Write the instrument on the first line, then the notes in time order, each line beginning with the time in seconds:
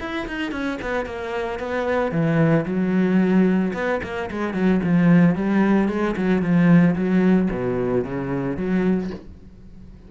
cello
0.00 E4
0.27 D#4
0.52 C#4
0.82 B3
1.06 A#3
1.59 B3
2.12 E3
2.66 F#3
3.74 B3
4.03 A#3
4.31 G#3
4.54 F#3
4.84 F3
5.35 G3
5.88 G#3
6.16 F#3
6.42 F3
6.96 F#3
7.51 B2
8.05 C#3
8.57 F#3